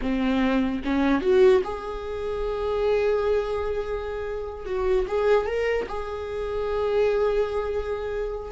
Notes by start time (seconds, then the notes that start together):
0.01 C4
0.84 C#4
1.21 F#4
1.63 G#4
4.65 F#4
5.07 G#4
5.46 A#4
5.88 G#4